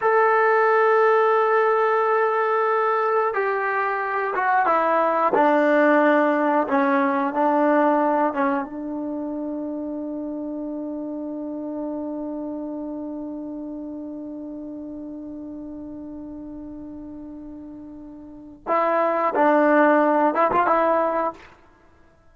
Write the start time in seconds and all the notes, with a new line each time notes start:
0.01 A4
3.33 G4
4.35 F#4
4.66 E4
5.33 D4
6.67 C#4
7.33 D4
8.33 C#4
8.64 D4
18.67 E4
19.35 D4
20.34 E4
20.51 F4
20.66 E4